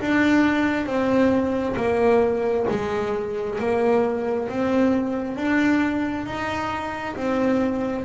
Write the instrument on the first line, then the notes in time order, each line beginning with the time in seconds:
double bass
0.00 D4
0.85 C4
1.76 A#3
2.69 G#3
3.59 A#3
4.48 C4
5.36 D4
6.25 D#4
7.16 C4